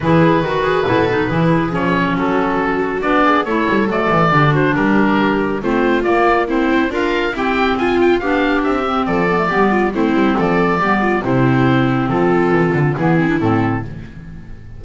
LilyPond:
<<
  \new Staff \with { instrumentName = "oboe" } { \time 4/4 \tempo 4 = 139 b'1 | cis''4 a'2 d''4 | cis''4 d''4. c''8 ais'4~ | ais'4 c''4 d''4 c''4 |
f''4 g''4 gis''8 g''8 f''4 | e''4 d''2 c''4 | d''2 c''2 | a'2 gis'4 a'4 | }
  \new Staff \with { instrumentName = "viola" } { \time 4/4 gis'4 fis'8 gis'8 a'4 gis'4~ | gis'4 fis'2~ fis'8 gis'8 | a'2 g'8 fis'8 g'4~ | g'4 f'2 e'4 |
ais'4 g'4 f'4 g'4~ | g'4 a'4 g'8 f'8 e'4 | a'4 g'8 f'8 e'2 | f'2 e'2 | }
  \new Staff \with { instrumentName = "clarinet" } { \time 4/4 e'4 fis'4 e'8 dis'8 e'4 | cis'2. d'4 | e'4 a4 d'2~ | d'4 c'4 ais4 c'4 |
f'4 c'2 d'4~ | d'8 c'4 b16 a16 b4 c'4~ | c'4 b4 c'2~ | c'2 b8 c'16 d'16 c'4 | }
  \new Staff \with { instrumentName = "double bass" } { \time 4/4 e4 dis4 b,4 e4 | f4 fis2 b4 | a8 g8 fis8 e8 d4 g4~ | g4 a4 ais4. c'8 |
d'4 e'4 f'4 b4 | c'4 f4 g4 a8 g8 | f4 g4 c2 | f4 e8 d8 e4 a,4 | }
>>